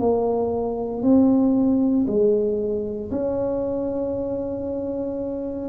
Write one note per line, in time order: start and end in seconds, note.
0.00 1.03 A#3
1.03 2.06 C4
2.07 3.11 G#3
3.12 5.69 C#4